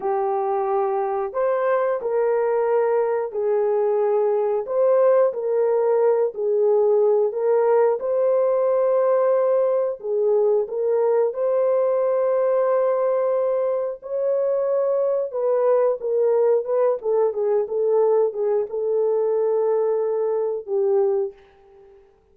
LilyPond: \new Staff \with { instrumentName = "horn" } { \time 4/4 \tempo 4 = 90 g'2 c''4 ais'4~ | ais'4 gis'2 c''4 | ais'4. gis'4. ais'4 | c''2. gis'4 |
ais'4 c''2.~ | c''4 cis''2 b'4 | ais'4 b'8 a'8 gis'8 a'4 gis'8 | a'2. g'4 | }